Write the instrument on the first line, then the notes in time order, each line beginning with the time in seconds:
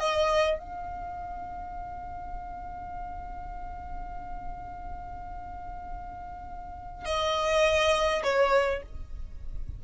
violin
0.00 D#5
0.59 F5
7.05 D#5
8.23 C#5